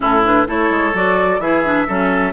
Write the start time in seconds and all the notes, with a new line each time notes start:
0.00 A2 C#4 E4 A4
0.24 D4 B4
0.46 A3 E4 A4 C#5
0.70 G#3
0.93 F#3 F#4 D5
1.39 E3 E4 G#4 E5
1.64 D4
1.87 F#3 C#4 A4